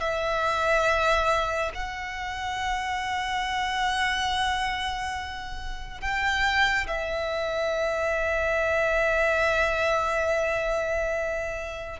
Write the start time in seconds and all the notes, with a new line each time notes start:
0.00 E5
1.75 F#5
6.01 G5
6.87 E5